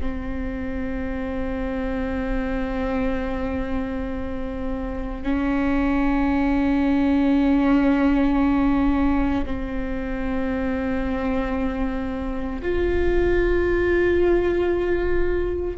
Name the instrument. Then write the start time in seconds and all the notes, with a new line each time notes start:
viola
0.00 C4
5.23 C#4
9.45 C4
12.62 F4